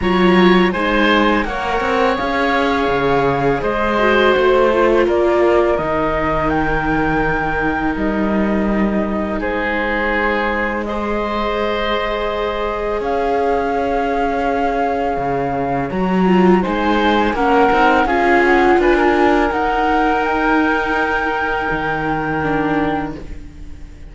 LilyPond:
<<
  \new Staff \with { instrumentName = "flute" } { \time 4/4 \tempo 4 = 83 ais''4 gis''4 fis''4 f''4~ | f''4 dis''4 c''4 d''4 | dis''4 g''2 dis''4~ | dis''4 c''2 dis''4~ |
dis''2 f''2~ | f''2 ais''4 gis''4 | fis''4 f''8 fis''8 gis''4 fis''4 | g''1 | }
  \new Staff \with { instrumentName = "oboe" } { \time 4/4 cis''4 c''4 cis''2~ | cis''4 c''2 ais'4~ | ais'1~ | ais'4 gis'2 c''4~ |
c''2 cis''2~ | cis''2. c''4 | ais'4 gis'4 b'16 ais'4.~ ais'16~ | ais'1 | }
  \new Staff \with { instrumentName = "viola" } { \time 4/4 f'4 dis'4 ais'4 gis'4~ | gis'4. fis'4 f'4. | dis'1~ | dis'2. gis'4~ |
gis'1~ | gis'2 fis'8 f'8 dis'4 | cis'8 dis'8 f'2 dis'4~ | dis'2. d'4 | }
  \new Staff \with { instrumentName = "cello" } { \time 4/4 fis4 gis4 ais8 c'8 cis'4 | cis4 gis4 a4 ais4 | dis2. g4~ | g4 gis2.~ |
gis2 cis'2~ | cis'4 cis4 fis4 gis4 | ais8 c'8 cis'4 d'4 dis'4~ | dis'2 dis2 | }
>>